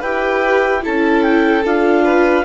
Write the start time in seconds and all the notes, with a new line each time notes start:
0.00 E4 G4 B4 G5
0.81 C#4 E4 A4 A5
1.23 G5
1.65 D4 F4 F5
2.04 B4